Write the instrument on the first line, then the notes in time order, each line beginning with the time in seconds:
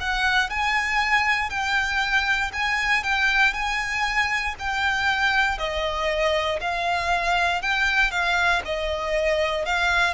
violin
0.00 F#5
0.49 G#5
1.50 G5
2.53 G#5
3.04 G5
3.53 G#5
4.59 G5
5.58 D#5
6.61 F5
7.62 G5
8.11 F5
8.65 D#5
9.65 F5